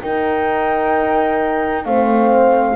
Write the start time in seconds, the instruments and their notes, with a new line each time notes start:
0.00 horn D#4 A#4, double bass D#4, flute G5
1.84 double bass A3, horn C4 C5, flute F5